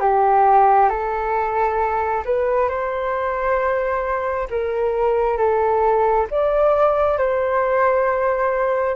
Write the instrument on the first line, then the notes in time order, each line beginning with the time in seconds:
flute
0.00 G4
0.90 A4
2.25 B4
2.69 C5
4.50 A#4
5.38 A4
6.31 D5
7.18 C5